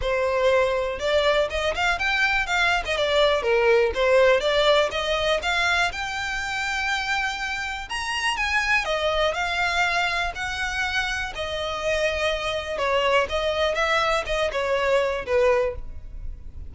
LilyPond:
\new Staff \with { instrumentName = "violin" } { \time 4/4 \tempo 4 = 122 c''2 d''4 dis''8 f''8 | g''4 f''8. dis''16 d''4 ais'4 | c''4 d''4 dis''4 f''4 | g''1 |
ais''4 gis''4 dis''4 f''4~ | f''4 fis''2 dis''4~ | dis''2 cis''4 dis''4 | e''4 dis''8 cis''4. b'4 | }